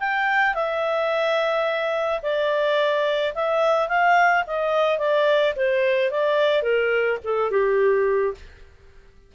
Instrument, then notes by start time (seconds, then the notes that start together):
clarinet
0.00 G5
0.55 E5
2.23 D5
3.35 E5
3.89 F5
4.47 D#5
4.99 D5
5.56 C5
6.11 D5
6.63 A#4
7.24 A4
7.51 G4